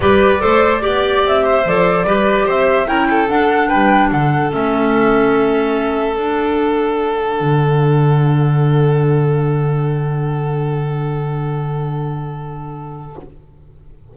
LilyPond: <<
  \new Staff \with { instrumentName = "flute" } { \time 4/4 \tempo 4 = 146 d''2. e''4 | d''2 e''4 g''4 | fis''4 g''4 fis''4 e''4~ | e''2. fis''4~ |
fis''1~ | fis''1~ | fis''1~ | fis''1 | }
  \new Staff \with { instrumentName = "violin" } { \time 4/4 b'4 c''4 d''4. c''8~ | c''4 b'4 c''4 ais'8 a'8~ | a'4 b'4 a'2~ | a'1~ |
a'1~ | a'1~ | a'1~ | a'1 | }
  \new Staff \with { instrumentName = "clarinet" } { \time 4/4 g'4 a'4 g'2 | a'4 g'2 e'4 | d'2. cis'4~ | cis'2. d'4~ |
d'1~ | d'1~ | d'1~ | d'1 | }
  \new Staff \with { instrumentName = "double bass" } { \time 4/4 g4 a4 b4 c'4 | f4 g4 c'4 cis'4 | d'4 g4 d4 a4~ | a2. d'4~ |
d'2 d2~ | d1~ | d1~ | d1 | }
>>